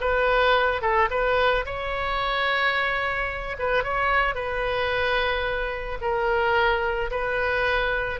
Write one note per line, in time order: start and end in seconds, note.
0.00 0.82 B4
0.82 1.09 A4
1.10 1.65 B4
1.65 3.56 C#5
3.59 3.83 B4
3.83 4.34 C#5
4.34 5.98 B4
6.01 7.10 A#4
7.10 8.19 B4